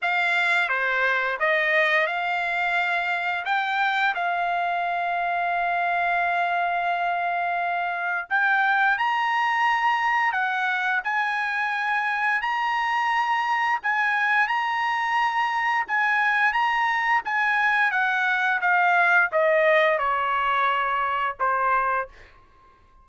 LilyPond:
\new Staff \with { instrumentName = "trumpet" } { \time 4/4 \tempo 4 = 87 f''4 c''4 dis''4 f''4~ | f''4 g''4 f''2~ | f''1 | g''4 ais''2 fis''4 |
gis''2 ais''2 | gis''4 ais''2 gis''4 | ais''4 gis''4 fis''4 f''4 | dis''4 cis''2 c''4 | }